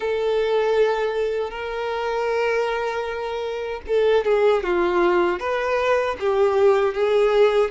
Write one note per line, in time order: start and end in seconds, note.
0.00 1.50 A4
1.50 3.81 A#4
3.87 4.24 A4
4.24 4.63 G#4
4.63 5.39 F4
5.39 6.16 B4
6.19 6.93 G4
6.93 7.70 G#4